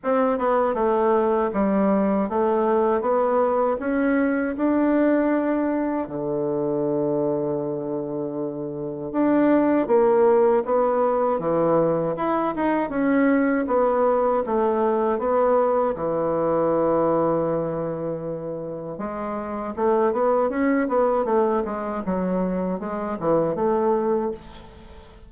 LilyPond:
\new Staff \with { instrumentName = "bassoon" } { \time 4/4 \tempo 4 = 79 c'8 b8 a4 g4 a4 | b4 cis'4 d'2 | d1 | d'4 ais4 b4 e4 |
e'8 dis'8 cis'4 b4 a4 | b4 e2.~ | e4 gis4 a8 b8 cis'8 b8 | a8 gis8 fis4 gis8 e8 a4 | }